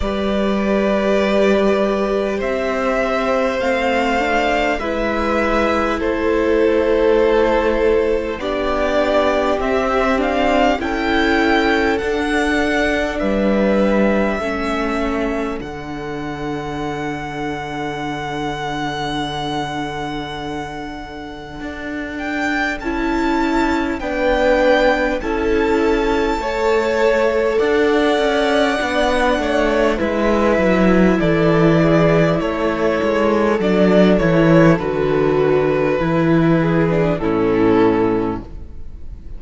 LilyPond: <<
  \new Staff \with { instrumentName = "violin" } { \time 4/4 \tempo 4 = 50 d''2 e''4 f''4 | e''4 c''2 d''4 | e''8 f''8 g''4 fis''4 e''4~ | e''4 fis''2.~ |
fis''2~ fis''8 g''8 a''4 | g''4 a''2 fis''4~ | fis''4 e''4 d''4 cis''4 | d''8 cis''8 b'2 a'4 | }
  \new Staff \with { instrumentName = "violin" } { \time 4/4 b'2 c''2 | b'4 a'2 g'4~ | g'4 a'2 b'4 | a'1~ |
a'1 | b'4 a'4 cis''4 d''4~ | d''8 cis''8 b'4 a'8 gis'8 a'4~ | a'2~ a'8 gis'8 e'4 | }
  \new Staff \with { instrumentName = "viola" } { \time 4/4 g'2. c'8 d'8 | e'2. d'4 | c'8 d'8 e'4 d'2 | cis'4 d'2.~ |
d'2. e'4 | d'4 e'4 a'2 | d'4 e'2. | d'8 e'8 fis'4 e'8. d'16 cis'4 | }
  \new Staff \with { instrumentName = "cello" } { \time 4/4 g2 c'4 a4 | gis4 a2 b4 | c'4 cis'4 d'4 g4 | a4 d2.~ |
d2 d'4 cis'4 | b4 cis'4 a4 d'8 cis'8 | b8 a8 gis8 fis8 e4 a8 gis8 | fis8 e8 d4 e4 a,4 | }
>>